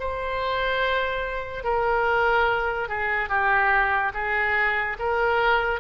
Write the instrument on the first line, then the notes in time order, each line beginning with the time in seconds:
oboe
0.00 C5
1.64 A#4
2.89 G#4
3.29 G4
4.14 G#4
4.99 A#4